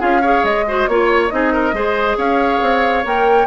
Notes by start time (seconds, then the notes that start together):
0.00 C#4 F4 G#4 F5
0.22 G#4 C#5
0.44 G#3 D#5
0.68 F#4 C5
0.88 A#3 F4 C#5
1.30 C4 D#4 G#4 D#5
1.53 A#4
1.74 G#3 G#4 C5
2.18 C#4 C#5 F5
2.62 C4
3.04 A#3 A#4 G5